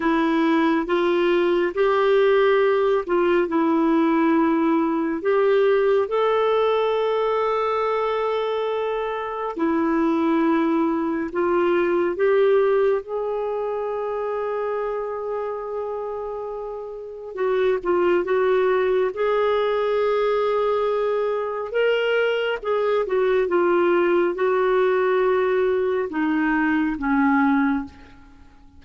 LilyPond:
\new Staff \with { instrumentName = "clarinet" } { \time 4/4 \tempo 4 = 69 e'4 f'4 g'4. f'8 | e'2 g'4 a'4~ | a'2. e'4~ | e'4 f'4 g'4 gis'4~ |
gis'1 | fis'8 f'8 fis'4 gis'2~ | gis'4 ais'4 gis'8 fis'8 f'4 | fis'2 dis'4 cis'4 | }